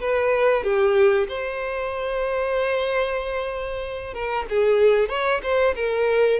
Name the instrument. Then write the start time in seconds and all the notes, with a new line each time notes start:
violin
0.00 B4
0.63 G4
1.28 C5
4.13 A#4
4.49 G#4
5.09 C#5
5.42 C5
5.75 A#4